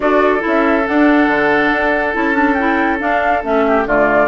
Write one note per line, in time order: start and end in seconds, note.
0.00 0.40 D4
0.00 0.39 F#4
0.00 3.65 A4
0.00 0.42 D5
0.39 0.82 E4
0.46 0.88 C#4
0.46 0.86 E5
0.86 2.13 D4
0.86 1.27 D4
0.86 2.14 F#5
1.27 1.70 D3
1.71 2.14 D4
2.13 3.00 C#4
2.13 2.33 E4
2.13 2.54 A5
2.33 2.54 D4
2.54 2.99 E4
2.54 2.97 G5
2.99 3.41 D4
2.99 3.43 D4
2.99 3.43 F5
3.42 3.86 A3
3.42 3.85 C#4
3.42 3.87 E5
3.67 3.87 G4
3.86 4.27 D3
3.86 4.27 A3
3.86 4.27 F4
3.86 4.27 D5